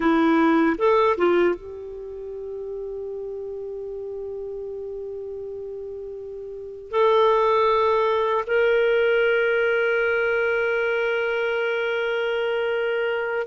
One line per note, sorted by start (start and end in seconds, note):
0.00 0.76 E4
0.78 1.16 A4
1.17 1.55 F4
1.55 6.90 G4
6.90 8.44 A4
8.46 13.46 A#4